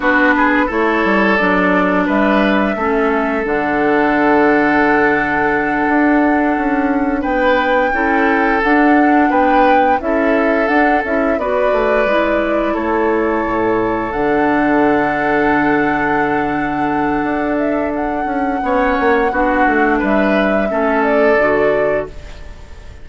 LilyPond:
<<
  \new Staff \with { instrumentName = "flute" } { \time 4/4 \tempo 4 = 87 b'4 cis''4 d''4 e''4~ | e''4 fis''2.~ | fis''2~ fis''8 g''4.~ | g''8 fis''4 g''4 e''4 fis''8 |
e''8 d''2 cis''4.~ | cis''8 fis''2.~ fis''8~ | fis''4. e''8 fis''2~ | fis''4 e''4. d''4. | }
  \new Staff \with { instrumentName = "oboe" } { \time 4/4 fis'8 gis'8 a'2 b'4 | a'1~ | a'2~ a'8 b'4 a'8~ | a'4. b'4 a'4.~ |
a'8 b'2 a'4.~ | a'1~ | a'2. cis''4 | fis'4 b'4 a'2 | }
  \new Staff \with { instrumentName = "clarinet" } { \time 4/4 d'4 e'4 d'2 | cis'4 d'2.~ | d'2.~ d'8 e'8~ | e'8 d'2 e'4 d'8 |
e'8 fis'4 e'2~ e'8~ | e'8 d'2.~ d'8~ | d'2. cis'4 | d'2 cis'4 fis'4 | }
  \new Staff \with { instrumentName = "bassoon" } { \time 4/4 b4 a8 g8 fis4 g4 | a4 d2.~ | d8 d'4 cis'4 b4 cis'8~ | cis'8 d'4 b4 cis'4 d'8 |
cis'8 b8 a8 gis4 a4 a,8~ | a,8 d2.~ d8~ | d4 d'4. cis'8 b8 ais8 | b8 a8 g4 a4 d4 | }
>>